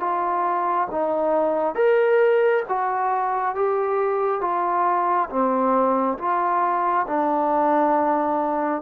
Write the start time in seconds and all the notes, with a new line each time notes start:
0.00 F4
0.91 D#4
1.75 A#4
2.69 F#4
3.55 G4
4.41 F4
5.30 C4
6.18 F4
7.07 D4